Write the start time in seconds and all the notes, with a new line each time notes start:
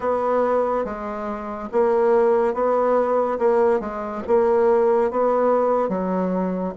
0.00 B3
0.85 G#3
1.72 A#3
2.54 B3
3.38 A#3
3.80 G#3
4.27 A#3
5.10 B3
5.88 F#3